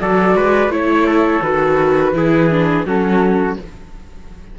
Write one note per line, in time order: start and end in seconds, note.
0.00 0.35 F#3
0.00 0.70 F#4
0.00 0.36 A4
0.00 0.72 D5
0.35 0.68 G#3
0.35 0.71 B4
0.68 1.39 A3
0.68 1.42 E4
0.68 1.06 C#5
0.68 1.42 C#5
1.06 2.13 A4
1.41 2.12 D#3
1.41 2.14 F#4
1.41 2.85 B4
2.12 2.84 E3
2.12 2.49 E4
2.12 2.86 G#4
2.50 2.85 D4
2.85 3.56 F#3
2.85 3.58 C#4
2.85 3.58 F#4
2.85 3.58 A4